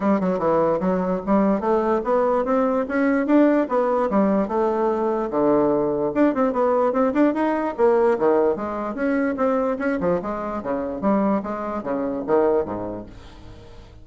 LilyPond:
\new Staff \with { instrumentName = "bassoon" } { \time 4/4 \tempo 4 = 147 g8 fis8 e4 fis4 g4 | a4 b4 c'4 cis'4 | d'4 b4 g4 a4~ | a4 d2 d'8 c'8 |
b4 c'8 d'8 dis'4 ais4 | dis4 gis4 cis'4 c'4 | cis'8 f8 gis4 cis4 g4 | gis4 cis4 dis4 gis,4 | }